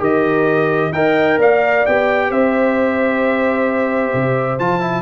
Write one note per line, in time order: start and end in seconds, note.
0.00 0.92 D#3
0.00 0.92 G4
0.00 0.92 A#4
0.00 0.93 D#5
0.92 1.38 D#4
0.92 1.86 A#4
0.92 1.39 D#5
0.92 1.39 G5
1.38 1.84 A#3
1.38 2.29 D5
1.38 1.86 F5
1.86 2.30 B3
1.86 4.60 G4
1.86 2.32 G5
2.29 4.13 C4
2.29 5.02 C5
2.29 4.59 E5
4.14 4.60 C3
4.59 5.02 F3
4.59 4.81 F4
4.59 5.02 A5
4.81 5.02 E4